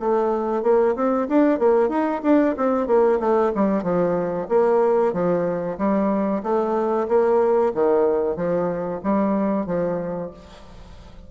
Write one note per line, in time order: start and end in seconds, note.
0.00 0.63 A3
0.63 0.95 A#3
0.95 1.28 C4
1.28 1.59 D4
1.59 1.89 A#3
1.89 2.21 D#4
2.23 2.55 D4
2.57 2.87 C4
2.87 3.19 A#3
3.20 3.52 A3
3.55 3.83 G3
3.83 4.48 F3
4.49 5.13 A#3
5.13 5.77 F3
5.78 6.42 G3
6.43 7.07 A3
7.08 7.73 A#3
7.74 8.36 D#3
8.36 9.01 F3
9.04 9.66 G3
9.66 10.31 F3